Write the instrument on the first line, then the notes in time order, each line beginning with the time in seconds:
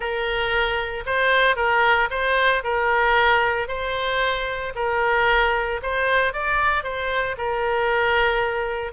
oboe
0.00 A#4
1.06 C5
1.56 A#4
2.10 C5
2.63 A#4
3.67 C5
4.75 A#4
5.82 C5
6.33 D5
6.83 C5
7.37 A#4